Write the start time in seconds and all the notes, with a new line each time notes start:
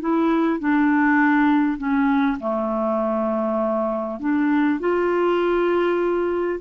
0.00 E4
0.59 D4
1.78 C#4
2.39 A3
4.19 D4
4.79 F4